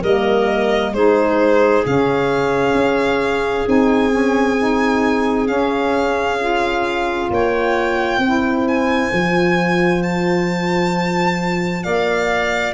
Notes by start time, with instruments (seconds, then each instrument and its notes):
0.00 tuba G3, saxophone A#3, clarinet A#4, violin D#5
0.92 tuba G#3, saxophone D#4, clarinet G#4, violin C5
1.85 tuba C#3, saxophone C#4, violin F5
2.74 tuba C#4
3.66 tuba C4, saxophone D#4, violin G#5
4.10 saxophone C#4
4.58 saxophone D#4
5.46 saxophone C#4, tuba C#4, violin F5
6.38 saxophone F4
7.30 tuba A#3, clarinet C#5, violin G5
8.18 tuba C4, clarinet C5
8.24 saxophone E4
8.67 violin G#5
9.11 tuba F3, saxophone F4
10.02 violin A5
11.83 tuba A#3, clarinet D5, violin F5